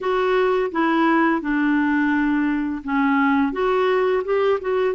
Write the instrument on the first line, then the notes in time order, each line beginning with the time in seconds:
clarinet
0.00 F#4
0.71 E4
1.41 D4
2.84 C#4
3.52 F#4
4.24 G4
4.60 F#4